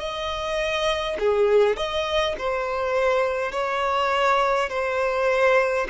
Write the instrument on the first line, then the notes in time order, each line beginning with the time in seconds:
violin
0.00 D#5
1.20 G#4
1.77 D#5
2.39 C5
3.52 C#5
4.70 C5